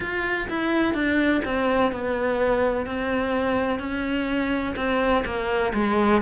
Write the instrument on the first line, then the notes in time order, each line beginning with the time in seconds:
cello
0.00 F4
0.48 E4
0.94 D4
1.45 C4
1.92 B3
2.86 C4
3.79 C#4
4.76 C4
5.25 A#3
5.74 G#3